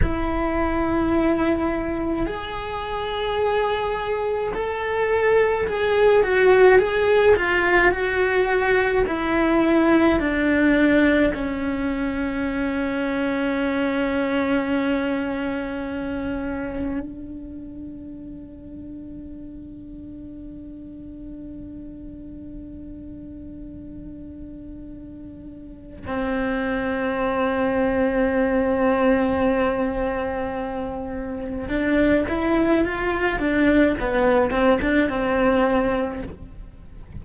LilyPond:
\new Staff \with { instrumentName = "cello" } { \time 4/4 \tempo 4 = 53 e'2 gis'2 | a'4 gis'8 fis'8 gis'8 f'8 fis'4 | e'4 d'4 cis'2~ | cis'2. d'4~ |
d'1~ | d'2. c'4~ | c'1 | d'8 e'8 f'8 d'8 b8 c'16 d'16 c'4 | }